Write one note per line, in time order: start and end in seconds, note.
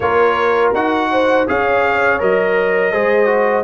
0.00 0.73 A#3
0.00 0.75 F4
0.00 1.10 A#4
0.00 0.71 C#5
0.73 1.46 D#4
0.73 1.47 F#4
0.73 1.47 F#5
1.11 1.47 C5
1.47 2.21 C#4
1.47 2.19 G#4
1.47 2.92 C#5
1.47 2.21 F5
2.19 2.93 F#3
2.19 2.92 A#4
2.19 3.64 D#5
2.92 3.64 G#3
2.92 3.26 G#4
2.92 3.64 C5
3.26 3.62 F#4